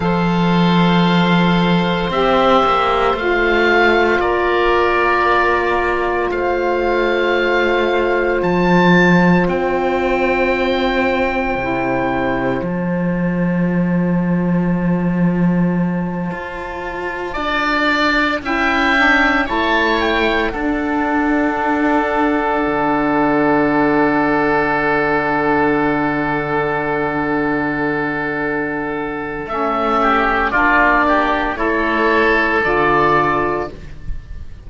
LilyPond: <<
  \new Staff \with { instrumentName = "oboe" } { \time 4/4 \tempo 4 = 57 f''2 e''4 f''4 | d''2 f''2 | a''4 g''2. | a''1~ |
a''4. g''4 a''8 g''8 fis''8~ | fis''1~ | fis''1 | e''4 d''4 cis''4 d''4 | }
  \new Staff \with { instrumentName = "oboe" } { \time 4/4 c''1 | ais'2 c''2~ | c''1~ | c''1~ |
c''8 d''4 e''4 cis''4 a'8~ | a'1~ | a'1~ | a'8 g'8 f'8 g'8 a'2 | }
  \new Staff \with { instrumentName = "saxophone" } { \time 4/4 a'2 g'4 f'4~ | f'1~ | f'2. e'4 | f'1~ |
f'4. e'8 d'8 e'4 d'8~ | d'1~ | d'1 | cis'4 d'4 e'4 f'4 | }
  \new Staff \with { instrumentName = "cello" } { \time 4/4 f2 c'8 ais8 a4 | ais2 a2 | f4 c'2 c4 | f2.~ f8 f'8~ |
f'8 d'4 cis'4 a4 d'8~ | d'4. d2~ d8~ | d1 | a4 ais4 a4 d4 | }
>>